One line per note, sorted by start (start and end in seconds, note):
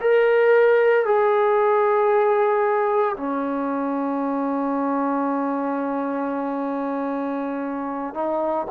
0.00 1.05 A#4
1.05 3.15 G#4
3.16 8.13 C#4
8.13 8.66 D#4